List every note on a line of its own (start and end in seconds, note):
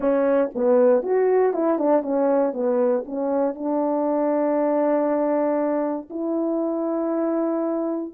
0.00 0.50 C#4
0.55 1.03 B3
1.03 1.53 F#4
1.53 1.78 E4
1.78 2.02 D4
2.02 2.53 C#4
2.53 3.04 B3
3.05 3.54 C#4
3.54 6.09 D4
6.10 8.13 E4